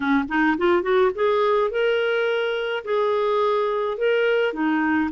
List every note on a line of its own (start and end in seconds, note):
0.00 0.24 C#4
0.28 0.56 D#4
0.57 0.82 F4
0.82 1.10 F#4
1.14 1.70 G#4
1.70 2.84 A#4
2.84 3.97 G#4
3.97 4.53 A#4
4.53 5.09 D#4